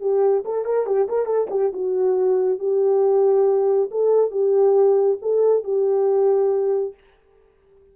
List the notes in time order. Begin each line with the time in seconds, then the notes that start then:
0.00 G4
0.45 A4
0.65 A#4
0.86 G4
1.08 A#4
1.25 A4
1.50 G4
1.73 F#4
2.59 G4
3.91 A4
4.31 G4
5.21 A4
5.63 G4